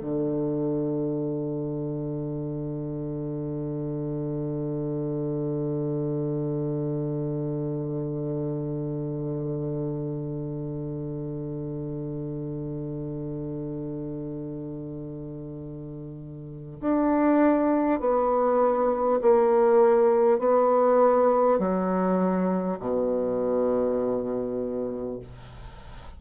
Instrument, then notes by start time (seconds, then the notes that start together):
bassoon
0.00 D3
16.80 D4
18.00 B3
19.21 A#3
20.38 B3
21.58 F#3
22.79 B2